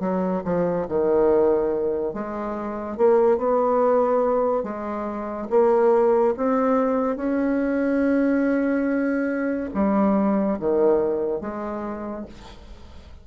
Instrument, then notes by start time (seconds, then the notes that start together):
bassoon
0.00 F#3
0.44 F3
0.88 D#3
2.14 G#3
2.97 A#3
3.37 B3
4.63 G#3
5.50 A#3
6.37 C4
7.16 C#4
9.74 G3
10.59 D#3
11.41 G#3